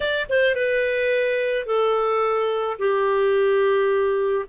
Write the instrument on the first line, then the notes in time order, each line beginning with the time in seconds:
clarinet
0.00 D5
0.29 C5
0.55 B4
1.66 A4
2.79 G4